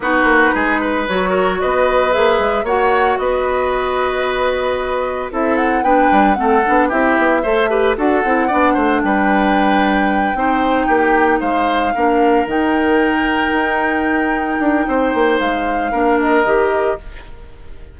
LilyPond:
<<
  \new Staff \with { instrumentName = "flute" } { \time 4/4 \tempo 4 = 113 b'2 cis''4 dis''4 | e''4 fis''4 dis''2~ | dis''2 e''8 fis''8 g''4 | fis''4 e''2 fis''4~ |
fis''4 g''2.~ | g''4. f''2 g''8~ | g''1~ | g''4 f''4. dis''4. | }
  \new Staff \with { instrumentName = "oboe" } { \time 4/4 fis'4 gis'8 b'4 ais'8 b'4~ | b'4 cis''4 b'2~ | b'2 a'4 b'4 | a'4 g'4 c''8 b'8 a'4 |
d''8 c''8 b'2~ b'8 c''8~ | c''8 g'4 c''4 ais'4.~ | ais'1 | c''2 ais'2 | }
  \new Staff \with { instrumentName = "clarinet" } { \time 4/4 dis'2 fis'2 | gis'4 fis'2.~ | fis'2 e'4 d'4 | c'8 d'8 e'4 a'8 g'8 fis'8 e'8 |
d'2.~ d'8 dis'8~ | dis'2~ dis'8 d'4 dis'8~ | dis'1~ | dis'2 d'4 g'4 | }
  \new Staff \with { instrumentName = "bassoon" } { \time 4/4 b8 ais8 gis4 fis4 b4 | ais8 gis8 ais4 b2~ | b2 c'4 b8 g8 | a8 b8 c'8 b8 a4 d'8 c'8 |
b8 a8 g2~ g8 c'8~ | c'8 ais4 gis4 ais4 dis8~ | dis4. dis'2 d'8 | c'8 ais8 gis4 ais4 dis4 | }
>>